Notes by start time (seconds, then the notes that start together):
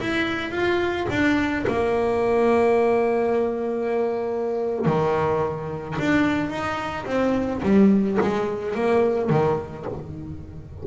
0.00 E4
0.51 F4
1.10 D4
1.67 A#3
4.86 D#3
5.99 D4
6.49 D#4
7.06 C4
7.62 G3
8.21 G#3
8.74 A#3
9.29 D#3